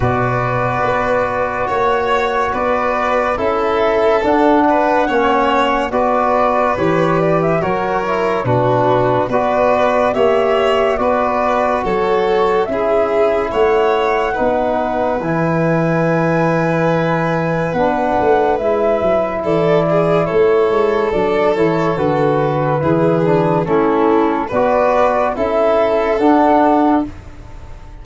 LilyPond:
<<
  \new Staff \with { instrumentName = "flute" } { \time 4/4 \tempo 4 = 71 d''2 cis''4 d''4 | e''4 fis''2 d''4 | cis''8 d''16 e''16 cis''4 b'4 d''4 | e''4 d''4 cis''4 e''4 |
fis''2 gis''2~ | gis''4 fis''4 e''4 d''4 | cis''4 d''8 cis''8 b'2 | a'4 d''4 e''4 fis''4 | }
  \new Staff \with { instrumentName = "violin" } { \time 4/4 b'2 cis''4 b'4 | a'4. b'8 cis''4 b'4~ | b'4 ais'4 fis'4 b'4 | cis''4 b'4 a'4 gis'4 |
cis''4 b'2.~ | b'2. a'8 gis'8 | a'2. gis'4 | e'4 b'4 a'2 | }
  \new Staff \with { instrumentName = "trombone" } { \time 4/4 fis'1 | e'4 d'4 cis'4 fis'4 | g'4 fis'8 e'8 d'4 fis'4 | g'4 fis'2 e'4~ |
e'4 dis'4 e'2~ | e'4 d'4 e'2~ | e'4 d'8 e'8 fis'4 e'8 d'8 | cis'4 fis'4 e'4 d'4 | }
  \new Staff \with { instrumentName = "tuba" } { \time 4/4 b,4 b4 ais4 b4 | cis'4 d'4 ais4 b4 | e4 fis4 b,4 b4 | ais4 b4 fis4 cis'4 |
a4 b4 e2~ | e4 b8 a8 gis8 fis8 e4 | a8 gis8 fis8 e8 d4 e4 | a4 b4 cis'4 d'4 | }
>>